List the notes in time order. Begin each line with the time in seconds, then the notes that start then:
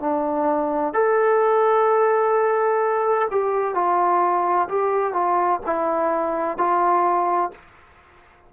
0.00 D4
0.94 A4
3.31 G4
3.75 F4
4.68 G4
5.13 F4
5.66 E4
6.58 F4